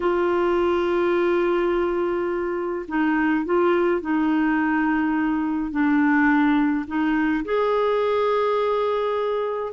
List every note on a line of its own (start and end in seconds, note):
0.00 2.85 F4
2.88 3.45 D#4
3.45 4.01 F4
4.01 5.71 D#4
5.71 6.85 D4
6.87 7.44 D#4
7.44 9.72 G#4